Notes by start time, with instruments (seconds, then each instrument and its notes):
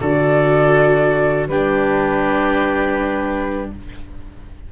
0.00 tuba D3, viola F#4, oboe A4, flute D5
1.48 tuba G3, viola D4, oboe G4, flute B4